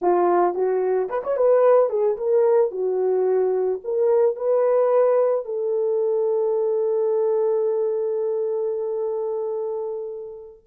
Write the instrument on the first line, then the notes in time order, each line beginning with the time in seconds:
horn
0.01 F4
0.54 F#4
1.09 B4
1.23 C#5
1.36 B4
1.89 G#4
2.17 A#4
2.71 F#4
3.84 A#4
4.36 B4
5.45 A4